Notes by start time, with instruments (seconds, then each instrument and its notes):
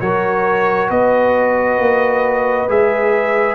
0.00 tuba F#3, trombone F#4, horn A#4, trumpet C#5
0.90 tuba B3, horn B4, trumpet D#5
1.78 tuba A#3
2.68 tuba G#3, trombone G#4, trumpet E5